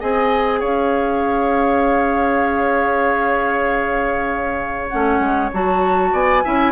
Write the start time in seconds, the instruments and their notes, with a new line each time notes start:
0.00 bassoon C4, clarinet G#4, oboe D#5, flute G#5
0.60 bassoon C#4, oboe C#5, flute F5
4.88 bassoon A3, clarinet C#4, flute F#5
5.19 bassoon G#3
5.53 bassoon F#3, clarinet F#4, flute A5
6.13 bassoon B3, oboe D5, flute G#5
6.44 bassoon C#4, clarinet E4, oboe E5